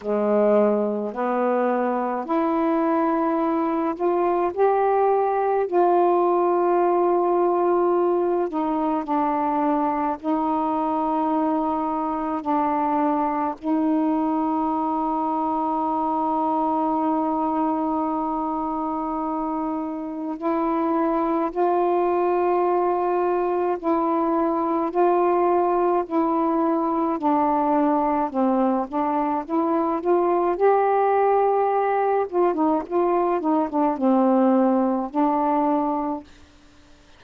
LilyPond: \new Staff \with { instrumentName = "saxophone" } { \time 4/4 \tempo 4 = 53 gis4 b4 e'4. f'8 | g'4 f'2~ f'8 dis'8 | d'4 dis'2 d'4 | dis'1~ |
dis'2 e'4 f'4~ | f'4 e'4 f'4 e'4 | d'4 c'8 d'8 e'8 f'8 g'4~ | g'8 f'16 dis'16 f'8 dis'16 d'16 c'4 d'4 | }